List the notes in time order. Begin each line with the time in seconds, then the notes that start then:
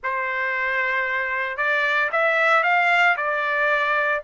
0.03 C5
1.57 D5
2.12 E5
2.63 F5
3.16 D5